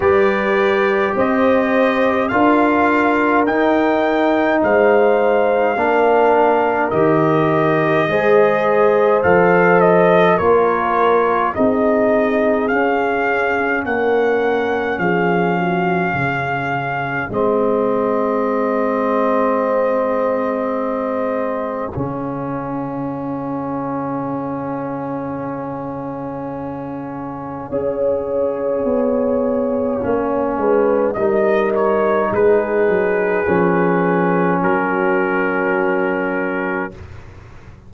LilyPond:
<<
  \new Staff \with { instrumentName = "trumpet" } { \time 4/4 \tempo 4 = 52 d''4 dis''4 f''4 g''4 | f''2 dis''2 | f''8 dis''8 cis''4 dis''4 f''4 | fis''4 f''2 dis''4~ |
dis''2. f''4~ | f''1~ | f''2. dis''8 cis''8 | b'2 ais'2 | }
  \new Staff \with { instrumentName = "horn" } { \time 4/4 b'4 c''4 ais'2 | c''4 ais'2 c''4~ | c''4 ais'4 gis'2 | ais'4 gis'8 fis'8 gis'2~ |
gis'1~ | gis'1 | cis''2~ cis''8 b'8 ais'4 | gis'2 fis'2 | }
  \new Staff \with { instrumentName = "trombone" } { \time 4/4 g'2 f'4 dis'4~ | dis'4 d'4 g'4 gis'4 | a'4 f'4 dis'4 cis'4~ | cis'2. c'4~ |
c'2. cis'4~ | cis'1 | gis'2 cis'4 dis'4~ | dis'4 cis'2. | }
  \new Staff \with { instrumentName = "tuba" } { \time 4/4 g4 c'4 d'4 dis'4 | gis4 ais4 dis4 gis4 | f4 ais4 c'4 cis'4 | ais4 f4 cis4 gis4~ |
gis2. cis4~ | cis1 | cis'4 b4 ais8 gis8 g4 | gis8 fis8 f4 fis2 | }
>>